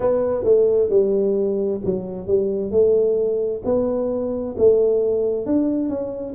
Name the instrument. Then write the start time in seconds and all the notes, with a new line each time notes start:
tuba
0.00 B3
0.44 A3
0.89 G3
1.84 F#3
2.27 G3
2.71 A3
3.64 B3
4.57 A3
5.45 D4
5.88 C#4